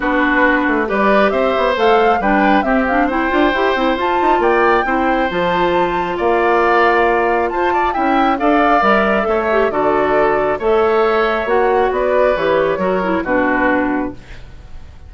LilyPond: <<
  \new Staff \with { instrumentName = "flute" } { \time 4/4 \tempo 4 = 136 b'2 d''4 e''4 | f''4 g''4 e''8 f''8 g''4~ | g''4 a''4 g''2 | a''2 f''2~ |
f''4 a''4 g''4 f''4 | e''2 d''2 | e''2 fis''4 d''4 | cis''2 b'2 | }
  \new Staff \with { instrumentName = "oboe" } { \time 4/4 fis'2 b'4 c''4~ | c''4 b'4 g'4 c''4~ | c''2 d''4 c''4~ | c''2 d''2~ |
d''4 c''8 d''8 e''4 d''4~ | d''4 cis''4 a'2 | cis''2. b'4~ | b'4 ais'4 fis'2 | }
  \new Staff \with { instrumentName = "clarinet" } { \time 4/4 d'2 g'2 | a'4 d'4 c'8 d'8 e'8 f'8 | g'8 e'8 f'2 e'4 | f'1~ |
f'2 e'4 a'4 | ais'4 a'8 g'8 fis'2 | a'2 fis'2 | g'4 fis'8 e'8 d'2 | }
  \new Staff \with { instrumentName = "bassoon" } { \time 4/4 b4. a8 g4 c'8 b8 | a4 g4 c'4. d'8 | e'8 c'8 f'8 dis'8 ais4 c'4 | f2 ais2~ |
ais4 f'4 cis'4 d'4 | g4 a4 d2 | a2 ais4 b4 | e4 fis4 b,2 | }
>>